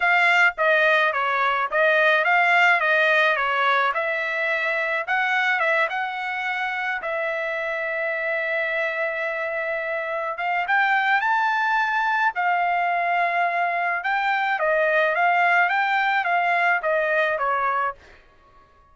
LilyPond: \new Staff \with { instrumentName = "trumpet" } { \time 4/4 \tempo 4 = 107 f''4 dis''4 cis''4 dis''4 | f''4 dis''4 cis''4 e''4~ | e''4 fis''4 e''8 fis''4.~ | fis''8 e''2.~ e''8~ |
e''2~ e''8 f''8 g''4 | a''2 f''2~ | f''4 g''4 dis''4 f''4 | g''4 f''4 dis''4 cis''4 | }